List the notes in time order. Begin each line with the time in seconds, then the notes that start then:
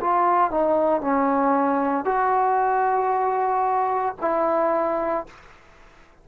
0.00 F4
0.50 D#4
1.01 C#4
2.04 F#4
4.21 E4